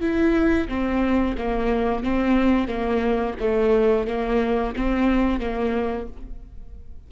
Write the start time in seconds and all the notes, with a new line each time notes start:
0.00 E4
0.68 C4
1.37 A#3
2.03 C4
2.67 A#3
3.39 A3
4.07 A#3
4.75 C4
5.39 A#3